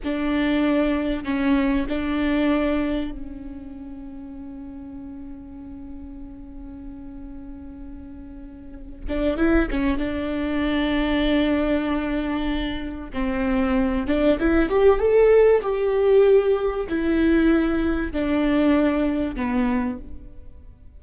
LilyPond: \new Staff \with { instrumentName = "viola" } { \time 4/4 \tempo 4 = 96 d'2 cis'4 d'4~ | d'4 cis'2.~ | cis'1~ | cis'2~ cis'8 d'8 e'8 cis'8 |
d'1~ | d'4 c'4. d'8 e'8 g'8 | a'4 g'2 e'4~ | e'4 d'2 b4 | }